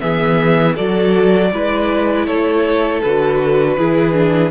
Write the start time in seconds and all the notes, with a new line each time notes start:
0.00 E3 B3 G#4 E5
0.75 F#3 F#4 A4 D5
1.52 G#3 E4 B4
2.26 A3 A4 C#5
3.02 D3 F#4 B4
3.77 E3 E4 G#4
4.13 D4